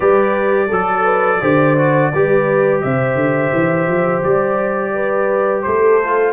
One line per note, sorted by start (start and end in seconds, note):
0.00 0.70 G3
0.00 0.69 G4
0.00 0.67 B4
0.00 2.80 D5
0.67 1.41 F#3
0.67 1.02 A4
0.67 1.42 A4
1.04 1.39 B4
1.41 2.12 D3
1.41 1.77 G4
1.41 2.12 C5
1.77 2.12 F#4
2.13 2.84 G3
2.13 6.03 G4
2.13 2.83 B4
2.81 3.15 C3
2.81 4.94 C5
2.81 4.22 E5
3.15 3.50 D3
3.52 3.87 E3
3.87 4.22 F3
4.23 5.64 G3
4.23 5.62 D5
4.94 5.64 B4
5.62 6.33 A3
5.62 6.33 A4
5.62 6.32 C5
6.03 6.33 F4